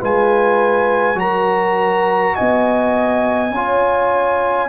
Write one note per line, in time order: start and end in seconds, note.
0.00 1.15 G#3
0.00 1.16 F4
0.00 1.18 B4
0.00 1.20 G#5
1.15 2.33 F#3
1.15 3.51 F#4
1.15 2.36 A#4
1.15 2.36 A#5
2.36 3.51 B3
2.36 3.54 D#5
2.36 4.69 G#5
3.51 4.69 C#4
3.51 4.69 F4
3.51 4.69 C#5